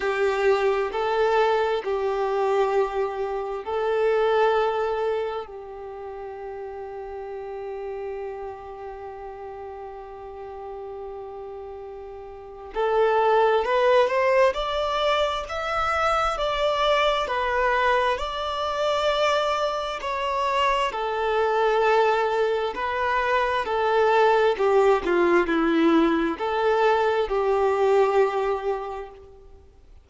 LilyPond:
\new Staff \with { instrumentName = "violin" } { \time 4/4 \tempo 4 = 66 g'4 a'4 g'2 | a'2 g'2~ | g'1~ | g'2 a'4 b'8 c''8 |
d''4 e''4 d''4 b'4 | d''2 cis''4 a'4~ | a'4 b'4 a'4 g'8 f'8 | e'4 a'4 g'2 | }